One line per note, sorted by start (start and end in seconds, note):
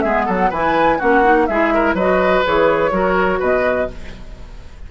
0.00 0.28 G#3
0.00 0.53 B3
0.00 0.26 G#4
0.00 0.24 E5
0.26 0.51 F#3
0.26 0.49 A4
0.26 0.52 F#5
0.49 0.99 E3
0.49 1.00 E4
0.49 0.97 B4
0.49 0.99 G#5
0.98 1.49 A#3
0.98 1.24 C#4
0.98 1.46 F#4
0.98 1.46 F#5
1.24 1.48 D#4
1.46 1.94 G#3
1.46 1.99 E4
1.46 1.74 G#4
1.46 1.94 E5
1.74 1.95 A#4
1.94 2.42 F#3
1.94 2.45 F#4
1.94 2.91 B4
1.94 2.45 D#5
2.45 2.92 E3
2.45 2.91 G#4
2.45 3.42 C#5
2.91 3.40 F#3
2.91 3.87 F#4
2.91 3.39 A#4
3.39 3.89 B2
3.39 3.87 B4
3.39 3.91 D#5